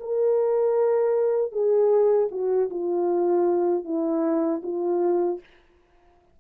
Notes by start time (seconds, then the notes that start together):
0.00 A#4
1.52 G#4
2.31 F#4
2.70 F4
3.85 E4
4.63 F4